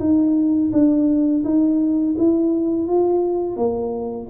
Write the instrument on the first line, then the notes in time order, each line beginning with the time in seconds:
tuba
0.00 D#4
0.73 D4
1.45 D#4
2.19 E4
2.88 F4
3.57 A#3